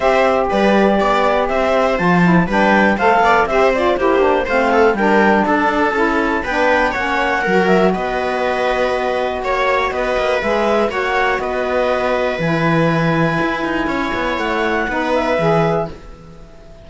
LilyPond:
<<
  \new Staff \with { instrumentName = "clarinet" } { \time 4/4 \tempo 4 = 121 e''4 d''2 e''4 | a''4 g''4 f''4 e''8 d''8 | c''4 f''4 g''4 a''4~ | a''4 g''4 fis''4. e''8 |
dis''2. cis''4 | dis''4 e''4 fis''4 dis''4~ | dis''4 gis''2.~ | gis''4 fis''4. e''4. | }
  \new Staff \with { instrumentName = "viola" } { \time 4/4 c''4 b'4 d''4 c''4~ | c''4 b'4 c''8 d''8 c''4 | g'4 c''8 a'8 ais'4 a'4~ | a'4 b'4 cis''4 ais'4 |
b'2. cis''4 | b'2 cis''4 b'4~ | b'1 | cis''2 b'2 | }
  \new Staff \with { instrumentName = "saxophone" } { \time 4/4 g'1 | f'8 e'8 d'4 a'4 g'8 f'8 | e'8 d'8 c'4 d'2 | e'4 d'4 cis'4 fis'4~ |
fis'1~ | fis'4 gis'4 fis'2~ | fis'4 e'2.~ | e'2 dis'4 gis'4 | }
  \new Staff \with { instrumentName = "cello" } { \time 4/4 c'4 g4 b4 c'4 | f4 g4 a8 b8 c'4 | ais4 a4 g4 d'4 | cis'4 b4 ais4 fis4 |
b2. ais4 | b8 ais8 gis4 ais4 b4~ | b4 e2 e'8 dis'8 | cis'8 b8 a4 b4 e4 | }
>>